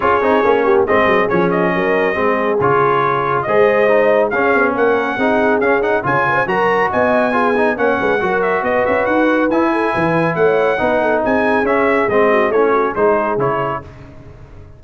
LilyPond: <<
  \new Staff \with { instrumentName = "trumpet" } { \time 4/4 \tempo 4 = 139 cis''2 dis''4 cis''8 dis''8~ | dis''2 cis''2 | dis''2 f''4 fis''4~ | fis''4 f''8 fis''8 gis''4 ais''4 |
gis''2 fis''4. e''8 | dis''8 e''8 fis''4 gis''2 | fis''2 gis''4 e''4 | dis''4 cis''4 c''4 cis''4 | }
  \new Staff \with { instrumentName = "horn" } { \time 4/4 gis'4. g'8 gis'2 | ais'4 gis'2. | c''2 gis'4 ais'4 | gis'2 cis''8 b'16 c''16 ais'4 |
dis''4 gis'4 cis''8 b'8 ais'4 | b'2~ b'8 a'8 b'4 | cis''4 b'8 a'8 gis'2~ | gis'8 fis'8 e'8 fis'8 gis'2 | }
  \new Staff \with { instrumentName = "trombone" } { \time 4/4 f'8 dis'8 cis'4 c'4 cis'4~ | cis'4 c'4 f'2 | gis'4 dis'4 cis'2 | dis'4 cis'8 dis'8 f'4 fis'4~ |
fis'4 f'8 dis'8 cis'4 fis'4~ | fis'2 e'2~ | e'4 dis'2 cis'4 | c'4 cis'4 dis'4 e'4 | }
  \new Staff \with { instrumentName = "tuba" } { \time 4/4 cis'8 c'8 ais4 gis8 fis8 f4 | fis4 gis4 cis2 | gis2 cis'8 b8 ais4 | c'4 cis'4 cis4 fis4 |
b2 ais8 gis8 fis4 | b8 cis'8 dis'4 e'4 e4 | a4 b4 c'4 cis'4 | gis4 a4 gis4 cis4 | }
>>